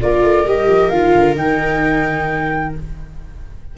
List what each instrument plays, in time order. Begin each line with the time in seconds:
0.00 tuba A#3, viola F4 A#4, flute D5
0.22 tuba A3
0.45 tuba G3, viola G4, flute D#5
0.67 tuba F3
0.89 tuba D#3, viola F4, flute F5
1.14 tuba D3
1.35 tuba D#3, viola D#4, flute G5